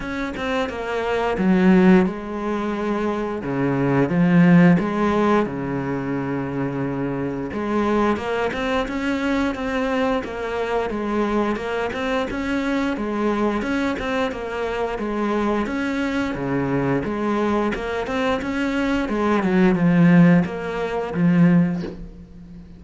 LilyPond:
\new Staff \with { instrumentName = "cello" } { \time 4/4 \tempo 4 = 88 cis'8 c'8 ais4 fis4 gis4~ | gis4 cis4 f4 gis4 | cis2. gis4 | ais8 c'8 cis'4 c'4 ais4 |
gis4 ais8 c'8 cis'4 gis4 | cis'8 c'8 ais4 gis4 cis'4 | cis4 gis4 ais8 c'8 cis'4 | gis8 fis8 f4 ais4 f4 | }